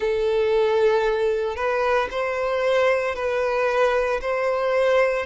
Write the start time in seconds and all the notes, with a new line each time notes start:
0.00 A4
1.56 B4
2.11 C5
3.15 B4
4.21 C5